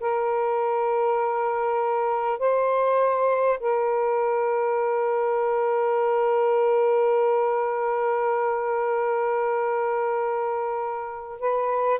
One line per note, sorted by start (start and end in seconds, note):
0.00 2.39 A#4
2.39 3.59 C5
3.59 11.39 A#4
11.40 12.00 B4